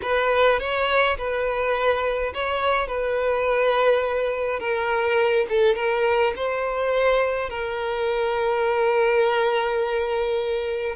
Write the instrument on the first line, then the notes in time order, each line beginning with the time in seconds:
violin
0.02 B4
0.59 C#5
1.17 B4
2.34 C#5
2.87 B4
4.59 A#4
5.49 A4
5.75 A#4
6.36 C5
7.49 A#4